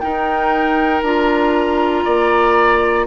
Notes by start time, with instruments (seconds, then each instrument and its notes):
0.00 clarinet D#4, bassoon D#4, oboe A#4, flute G5
1.02 bassoon D4, clarinet F4, flute A#5
2.05 bassoon A#3, oboe D5